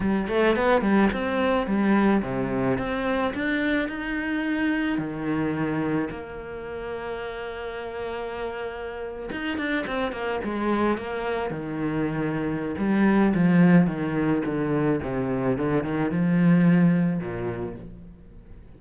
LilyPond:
\new Staff \with { instrumentName = "cello" } { \time 4/4 \tempo 4 = 108 g8 a8 b8 g8 c'4 g4 | c4 c'4 d'4 dis'4~ | dis'4 dis2 ais4~ | ais1~ |
ais8. dis'8 d'8 c'8 ais8 gis4 ais16~ | ais8. dis2~ dis16 g4 | f4 dis4 d4 c4 | d8 dis8 f2 ais,4 | }